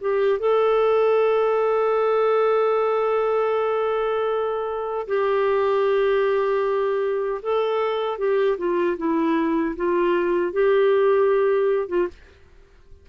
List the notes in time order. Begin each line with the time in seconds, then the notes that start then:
0.00 G4
0.39 A4
5.07 G4
7.42 A4
8.18 G4
8.57 F4
8.97 E4
9.76 F4
10.52 G4
11.88 F4